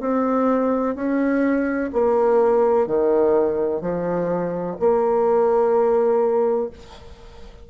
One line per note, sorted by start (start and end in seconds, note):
0.00 0.95 C4
0.95 1.90 C#4
1.93 2.87 A#3
2.87 3.81 D#3
3.81 4.77 F3
4.80 6.70 A#3